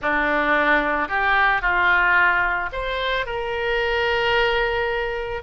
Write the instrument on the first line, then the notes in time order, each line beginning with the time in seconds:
oboe
0.01 D4
1.08 G4
1.61 F4
2.72 C5
3.26 A#4